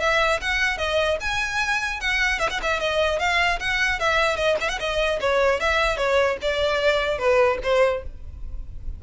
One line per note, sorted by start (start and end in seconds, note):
0.00 0.40 E5
0.41 0.77 F#5
0.77 1.17 D#5
1.20 2.00 G#5
2.00 2.39 F#5
2.39 2.49 E5
2.50 2.60 F#5
2.62 2.80 E5
2.80 3.19 D#5
3.19 3.59 F5
3.59 3.99 F#5
3.99 4.36 E5
4.36 4.56 D#5
4.61 4.69 E5
4.69 4.79 F#5
4.80 5.20 D#5
5.20 5.60 C#5
5.60 5.97 E5
5.97 6.37 C#5
6.42 7.18 D5
7.18 7.58 B4
7.63 8.03 C5